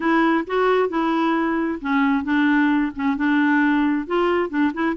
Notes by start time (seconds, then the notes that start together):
0.00 E4
0.46 F#4
0.89 E4
1.81 C#4
2.24 D4
2.95 C#4
3.16 D4
4.06 F4
4.49 D4
4.73 E4